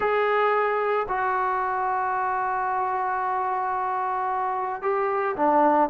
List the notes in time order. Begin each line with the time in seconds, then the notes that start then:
0.00 G#4
1.08 F#4
4.81 G4
5.36 D4